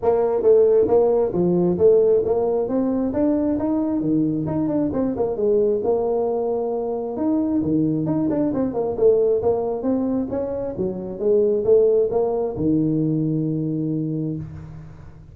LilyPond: \new Staff \with { instrumentName = "tuba" } { \time 4/4 \tempo 4 = 134 ais4 a4 ais4 f4 | a4 ais4 c'4 d'4 | dis'4 dis4 dis'8 d'8 c'8 ais8 | gis4 ais2. |
dis'4 dis4 dis'8 d'8 c'8 ais8 | a4 ais4 c'4 cis'4 | fis4 gis4 a4 ais4 | dis1 | }